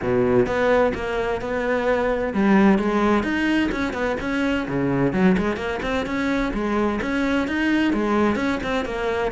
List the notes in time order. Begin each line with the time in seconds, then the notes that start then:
0.02 B2
0.46 B3
0.94 A#3
1.41 B3
2.33 G3
2.78 G#3
3.23 D#4
3.71 C#4
3.93 B3
4.20 C#4
4.67 C#3
5.13 F#3
5.37 G#3
5.56 A#3
5.82 C4
6.05 C#4
6.53 G#3
7.01 C#4
7.47 D#4
7.93 G#3
8.35 C#4
8.63 C4
8.85 A#3